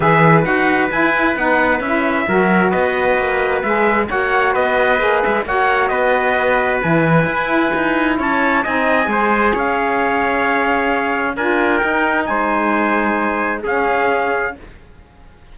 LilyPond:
<<
  \new Staff \with { instrumentName = "trumpet" } { \time 4/4 \tempo 4 = 132 e''4 fis''4 gis''4 fis''4 | e''2 dis''2 | e''4 fis''4 dis''4. e''8 | fis''4 dis''2 gis''4~ |
gis''2 a''4 gis''4~ | gis''4 f''2.~ | f''4 gis''4 g''4 gis''4~ | gis''2 f''2 | }
  \new Staff \with { instrumentName = "trumpet" } { \time 4/4 b'1~ | b'4 ais'4 b'2~ | b'4 cis''4 b'2 | cis''4 b'2.~ |
b'2 cis''4 dis''4 | c''4 cis''2.~ | cis''4 ais'2 c''4~ | c''2 gis'2 | }
  \new Staff \with { instrumentName = "saxophone" } { \time 4/4 gis'4 fis'4 e'4 dis'4 | e'4 fis'2. | gis'4 fis'2 gis'4 | fis'2. e'4~ |
e'2. dis'4 | gis'1~ | gis'4 f'4 dis'2~ | dis'2 cis'2 | }
  \new Staff \with { instrumentName = "cello" } { \time 4/4 e4 dis'4 e'4 b4 | cis'4 fis4 b4 ais4 | gis4 ais4 b4 ais8 gis8 | ais4 b2 e4 |
e'4 dis'4 cis'4 c'4 | gis4 cis'2.~ | cis'4 d'4 dis'4 gis4~ | gis2 cis'2 | }
>>